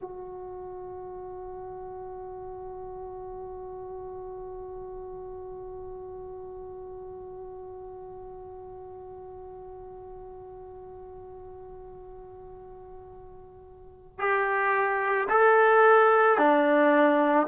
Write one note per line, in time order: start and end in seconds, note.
0.00 14.19 F#4
14.19 15.28 G4
15.29 16.37 A4
16.37 17.46 D4